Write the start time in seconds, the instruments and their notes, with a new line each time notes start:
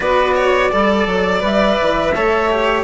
0.00 bassoon B3, cello F#4, violin B4, flute D5
0.35 violin C#5
0.71 bassoon G3, cello A4, violin D5
1.06 bassoon F#3
1.40 bassoon G3, cello B4, flute E5
1.81 bassoon E3
2.14 bassoon A3, cello A4, violin C#5
2.50 cello G4